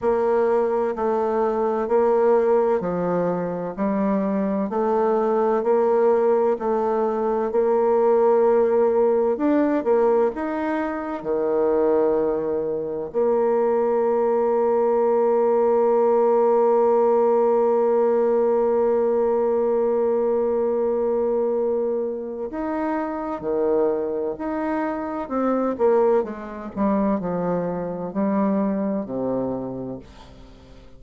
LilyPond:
\new Staff \with { instrumentName = "bassoon" } { \time 4/4 \tempo 4 = 64 ais4 a4 ais4 f4 | g4 a4 ais4 a4 | ais2 d'8 ais8 dis'4 | dis2 ais2~ |
ais1~ | ais1 | dis'4 dis4 dis'4 c'8 ais8 | gis8 g8 f4 g4 c4 | }